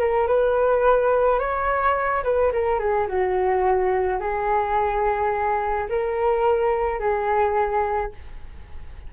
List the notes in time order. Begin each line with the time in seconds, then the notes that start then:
0.00 A#4
0.28 B4
1.40 C#5
2.24 B4
2.53 A#4
2.80 G#4
3.08 F#4
4.21 G#4
5.90 A#4
7.00 G#4